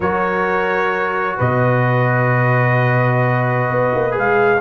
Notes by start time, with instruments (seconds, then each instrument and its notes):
0.00 tuba F#3, trombone F#4, horn A#4, trumpet C#5
1.37 tuba B2, horn B4, trumpet D#5
3.70 tuba B3
3.95 tuba A#3
4.11 tuba G#3, trombone G#4
4.18 trumpet F5